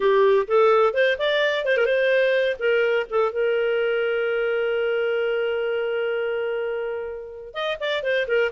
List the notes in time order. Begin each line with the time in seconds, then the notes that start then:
0.00 G4
0.47 A4
0.93 C5
1.18 D5
1.65 C5
1.77 A#4
1.85 C5
2.59 A#4
3.10 A4
3.32 A#4
7.54 D#5
7.80 D5
8.03 C5
8.27 A#4